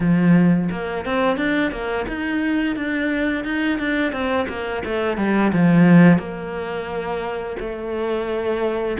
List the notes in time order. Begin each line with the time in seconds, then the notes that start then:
0.00 F3
0.71 A#3
1.05 C4
1.37 D4
1.71 A#3
2.08 D#4
2.76 D4
3.44 D#4
3.78 D4
4.12 C4
4.48 A#3
4.84 A3
5.17 G3
5.52 F3
6.18 A#3
7.59 A3